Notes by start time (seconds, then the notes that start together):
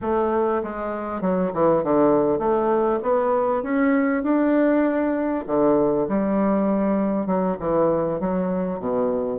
0.01 A3
0.63 G#3
1.21 F#3
1.53 E3
1.83 D3
2.39 A3
3.02 B3
3.63 C#4
4.23 D4
5.47 D3
6.08 G3
7.26 F#3
7.59 E3
8.20 F#3
8.79 B2